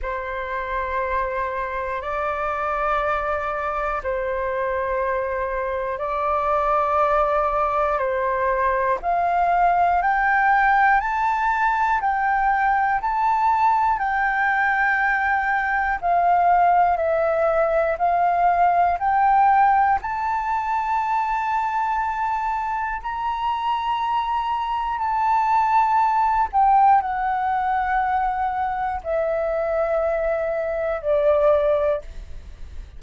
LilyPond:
\new Staff \with { instrumentName = "flute" } { \time 4/4 \tempo 4 = 60 c''2 d''2 | c''2 d''2 | c''4 f''4 g''4 a''4 | g''4 a''4 g''2 |
f''4 e''4 f''4 g''4 | a''2. ais''4~ | ais''4 a''4. g''8 fis''4~ | fis''4 e''2 d''4 | }